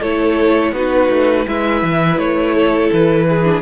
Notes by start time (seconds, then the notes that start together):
0.00 A3 E4 A4 C#5
0.73 B3 D#4 F#4 B4
1.10 A3
1.47 G#3 E4 B4 E5
1.83 E3
2.18 A3 C#5
2.55 A4
2.93 E3 B4
3.29 G#4
3.45 D4